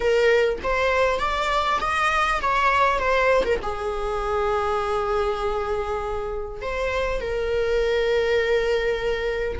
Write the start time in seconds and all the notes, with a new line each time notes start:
0.00 A#4
0.63 C5
1.19 D5
1.81 D#5
2.41 C#5
2.98 C5
3.44 A#4
3.62 G#4
6.61 C5
7.20 A#4